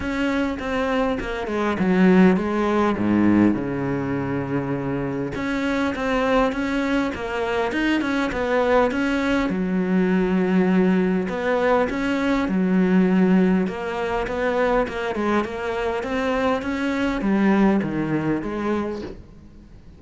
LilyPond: \new Staff \with { instrumentName = "cello" } { \time 4/4 \tempo 4 = 101 cis'4 c'4 ais8 gis8 fis4 | gis4 gis,4 cis2~ | cis4 cis'4 c'4 cis'4 | ais4 dis'8 cis'8 b4 cis'4 |
fis2. b4 | cis'4 fis2 ais4 | b4 ais8 gis8 ais4 c'4 | cis'4 g4 dis4 gis4 | }